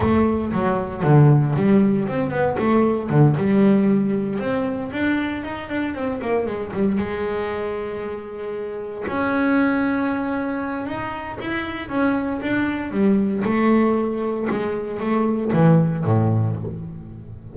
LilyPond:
\new Staff \with { instrumentName = "double bass" } { \time 4/4 \tempo 4 = 116 a4 fis4 d4 g4 | c'8 b8 a4 d8 g4.~ | g8 c'4 d'4 dis'8 d'8 c'8 | ais8 gis8 g8 gis2~ gis8~ |
gis4. cis'2~ cis'8~ | cis'4 dis'4 e'4 cis'4 | d'4 g4 a2 | gis4 a4 e4 a,4 | }